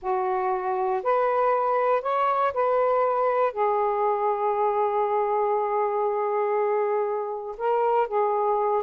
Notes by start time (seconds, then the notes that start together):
0.02 F#4
1.03 B4
2.02 C#5
2.53 B4
3.52 G#4
7.57 A#4
8.07 G#4